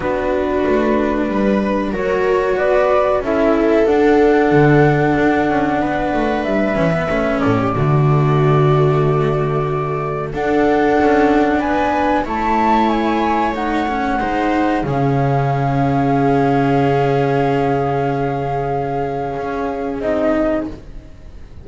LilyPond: <<
  \new Staff \with { instrumentName = "flute" } { \time 4/4 \tempo 4 = 93 b'2. cis''4 | d''4 e''4 fis''2~ | fis''2 e''4. d''8~ | d''1 |
fis''2 gis''4 a''4 | gis''4 fis''2 f''4~ | f''1~ | f''2. dis''4 | }
  \new Staff \with { instrumentName = "viola" } { \time 4/4 fis'2 b'4 ais'4 | b'4 a'2.~ | a'4 b'2~ b'8 a'16 g'16 | fis'1 |
a'2 b'4 cis''4~ | cis''2 c''4 gis'4~ | gis'1~ | gis'1 | }
  \new Staff \with { instrumentName = "cello" } { \time 4/4 d'2. fis'4~ | fis'4 e'4 d'2~ | d'2~ d'8 cis'16 b16 cis'4 | a1 |
d'2. e'4~ | e'4 dis'8 cis'8 dis'4 cis'4~ | cis'1~ | cis'2. dis'4 | }
  \new Staff \with { instrumentName = "double bass" } { \time 4/4 b4 a4 g4 fis4 | b4 cis'4 d'4 d4 | d'8 cis'8 b8 a8 g8 e8 a8 a,8 | d1 |
d'4 cis'4 b4 a4~ | a2 gis4 cis4~ | cis1~ | cis2 cis'4 c'4 | }
>>